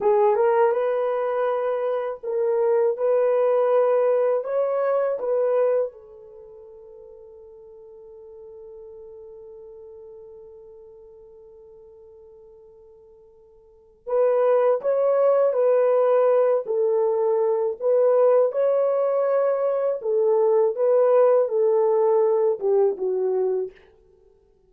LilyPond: \new Staff \with { instrumentName = "horn" } { \time 4/4 \tempo 4 = 81 gis'8 ais'8 b'2 ais'4 | b'2 cis''4 b'4 | a'1~ | a'1~ |
a'2. b'4 | cis''4 b'4. a'4. | b'4 cis''2 a'4 | b'4 a'4. g'8 fis'4 | }